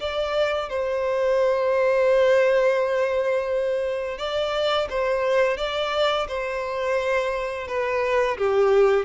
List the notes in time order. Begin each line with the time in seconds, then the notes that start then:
0.00 D5
0.69 C5
4.18 D5
4.90 C5
5.58 D5
6.28 C5
7.68 B4
8.38 G4